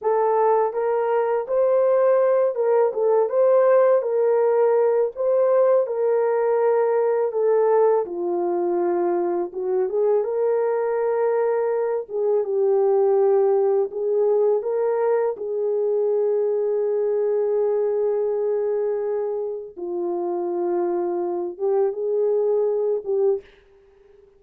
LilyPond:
\new Staff \with { instrumentName = "horn" } { \time 4/4 \tempo 4 = 82 a'4 ais'4 c''4. ais'8 | a'8 c''4 ais'4. c''4 | ais'2 a'4 f'4~ | f'4 fis'8 gis'8 ais'2~ |
ais'8 gis'8 g'2 gis'4 | ais'4 gis'2.~ | gis'2. f'4~ | f'4. g'8 gis'4. g'8 | }